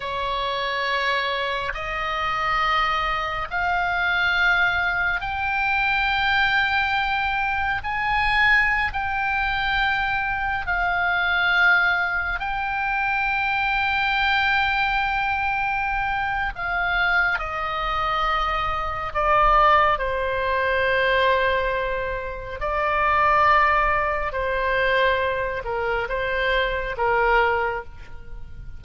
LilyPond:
\new Staff \with { instrumentName = "oboe" } { \time 4/4 \tempo 4 = 69 cis''2 dis''2 | f''2 g''2~ | g''4 gis''4~ gis''16 g''4.~ g''16~ | g''16 f''2 g''4.~ g''16~ |
g''2. f''4 | dis''2 d''4 c''4~ | c''2 d''2 | c''4. ais'8 c''4 ais'4 | }